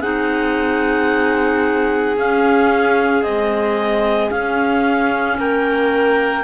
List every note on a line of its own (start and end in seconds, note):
0.00 2.17 C4
0.00 2.16 D#4
0.00 5.36 G#4
0.00 2.15 F#5
2.17 3.22 C#4
2.17 3.24 C#4
2.17 3.23 F5
3.22 4.30 G#3
3.22 4.29 C4
3.22 4.30 D#5
4.30 6.44 C#4
4.30 5.38 C#4
4.30 5.37 F5
5.38 6.44 A#3
5.38 6.44 A#4
5.38 6.44 G5